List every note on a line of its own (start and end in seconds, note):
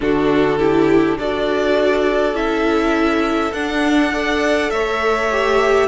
0.00 1.17 D3
0.00 0.58 D4
0.00 0.58 F#4
0.00 1.18 A4
0.58 1.17 E4
0.58 1.17 G4
1.17 2.33 D4
1.17 2.34 F#4
1.17 4.12 A4
1.17 2.36 D5
2.33 3.51 C#4
2.33 3.51 E4
2.33 3.53 E5
3.53 4.71 D4
3.53 4.12 D4
3.53 4.70 F#5
4.12 5.30 A4
4.12 4.71 D5
4.70 5.87 A3
4.70 5.87 C#5
4.70 5.87 E5
5.31 5.87 G4